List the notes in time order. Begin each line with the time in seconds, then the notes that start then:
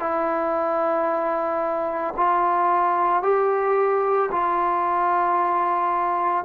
0.00 E4
2.17 F4
3.23 G4
4.32 F4